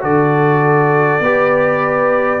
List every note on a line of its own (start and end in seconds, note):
0.00 1.19 D3
0.00 1.20 F#4
0.00 1.22 A4
0.00 2.40 D5
1.19 2.39 B3
1.19 2.40 G4
1.19 2.40 B4